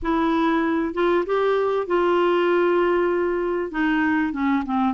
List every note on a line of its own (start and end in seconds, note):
0.02 0.93 E4
0.93 1.24 F4
1.25 1.86 G4
1.86 3.71 F4
3.71 4.32 D#4
4.32 4.63 C#4
4.65 4.93 C4